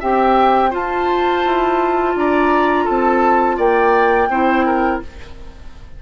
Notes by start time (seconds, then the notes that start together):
0.00 C4 G4 E5 G5
0.71 F4 C5 A5
1.46 E4
2.16 D4 D5 A#5
2.85 C4 A4 A5
3.58 A#3 D5 G5
4.29 C4 E4 C5
4.66 A#4